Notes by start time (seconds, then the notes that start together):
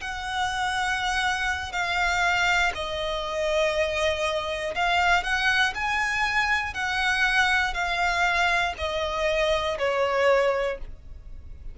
0.00 F#5
1.72 F5
2.74 D#5
4.75 F5
5.23 F#5
5.75 G#5
6.73 F#5
7.73 F5
8.78 D#5
9.78 C#5